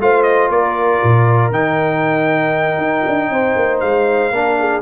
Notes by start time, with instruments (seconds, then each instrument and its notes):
0.00 tuba A3, trombone F4, horn C5, trumpet F5
0.23 trumpet D#5
0.50 tuba A#3, horn A#4, trumpet D5
1.04 tuba A#2
1.50 tuba D#3, trombone D#4, trumpet G5
2.78 tuba D#4
3.07 tuba D4
3.30 tuba C4, horn C5
3.56 tuba A#3
3.81 tuba G#3, trumpet F5
4.31 tuba A#3, trombone D4, horn A#4
4.60 horn G#4